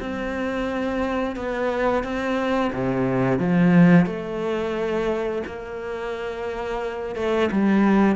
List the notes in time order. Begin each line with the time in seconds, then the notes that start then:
0.00 C4
1.36 B3
2.03 C4
2.73 C3
3.39 F3
4.06 A3
5.46 A#3
7.16 A3
7.52 G3